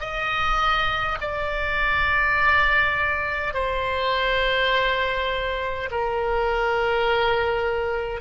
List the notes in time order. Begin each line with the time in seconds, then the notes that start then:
0.00 D#5
1.21 D5
3.54 C5
5.91 A#4